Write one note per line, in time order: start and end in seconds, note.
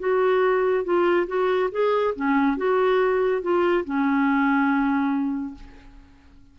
0.00 0.85 F#4
0.85 1.27 F4
1.28 1.70 F#4
1.72 2.15 G#4
2.16 2.57 C#4
2.57 3.42 F#4
3.42 3.85 F4
3.85 5.55 C#4